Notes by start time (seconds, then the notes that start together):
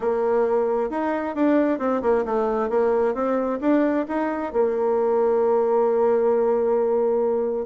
0.00 A#3
0.90 D#4
1.35 D4
1.79 C4
2.02 A#3
2.25 A3
2.69 A#3
3.14 C4
3.60 D4
4.07 D#4
4.53 A#3